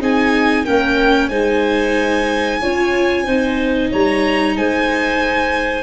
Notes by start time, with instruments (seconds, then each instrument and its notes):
0.00 tuba C4, viola D#4, clarinet G#4, violin G#5
0.65 tuba A#3, viola C#4, clarinet A#4, violin G5
1.29 tuba G#3, viola D#4, clarinet C5, violin G#5
2.61 tuba C#4, viola F4, clarinet C#5
3.24 tuba C4, viola D#4, clarinet C5
3.91 tuba G3, clarinet C#5, violin A#5
4.56 tuba G#3, clarinet C5, violin G#5